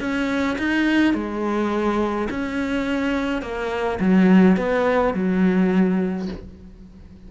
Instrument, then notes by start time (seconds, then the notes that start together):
cello
0.00 C#4
0.58 D#4
1.14 G#3
2.30 C#4
3.42 A#3
4.00 F#3
4.57 B3
5.14 F#3